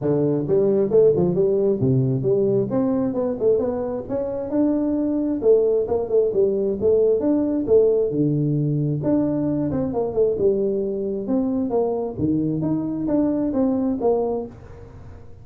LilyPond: \new Staff \with { instrumentName = "tuba" } { \time 4/4 \tempo 4 = 133 d4 g4 a8 f8 g4 | c4 g4 c'4 b8 a8 | b4 cis'4 d'2 | a4 ais8 a8 g4 a4 |
d'4 a4 d2 | d'4. c'8 ais8 a8 g4~ | g4 c'4 ais4 dis4 | dis'4 d'4 c'4 ais4 | }